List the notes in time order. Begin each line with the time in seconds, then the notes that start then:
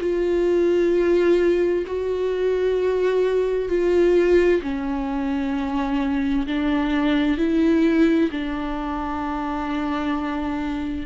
0.00 F4
1.86 F#4
3.68 F4
4.62 C#4
6.47 D4
7.38 E4
8.31 D4